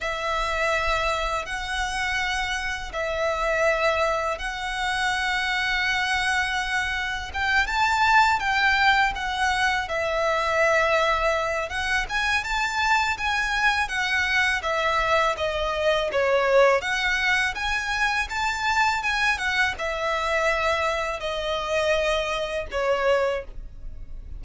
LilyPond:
\new Staff \with { instrumentName = "violin" } { \time 4/4 \tempo 4 = 82 e''2 fis''2 | e''2 fis''2~ | fis''2 g''8 a''4 g''8~ | g''8 fis''4 e''2~ e''8 |
fis''8 gis''8 a''4 gis''4 fis''4 | e''4 dis''4 cis''4 fis''4 | gis''4 a''4 gis''8 fis''8 e''4~ | e''4 dis''2 cis''4 | }